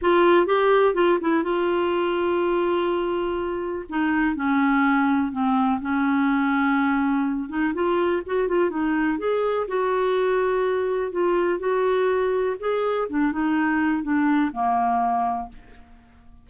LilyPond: \new Staff \with { instrumentName = "clarinet" } { \time 4/4 \tempo 4 = 124 f'4 g'4 f'8 e'8 f'4~ | f'1 | dis'4 cis'2 c'4 | cis'2.~ cis'8 dis'8 |
f'4 fis'8 f'8 dis'4 gis'4 | fis'2. f'4 | fis'2 gis'4 d'8 dis'8~ | dis'4 d'4 ais2 | }